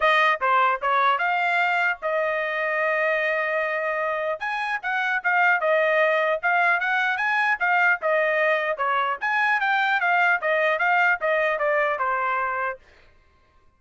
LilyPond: \new Staff \with { instrumentName = "trumpet" } { \time 4/4 \tempo 4 = 150 dis''4 c''4 cis''4 f''4~ | f''4 dis''2.~ | dis''2. gis''4 | fis''4 f''4 dis''2 |
f''4 fis''4 gis''4 f''4 | dis''2 cis''4 gis''4 | g''4 f''4 dis''4 f''4 | dis''4 d''4 c''2 | }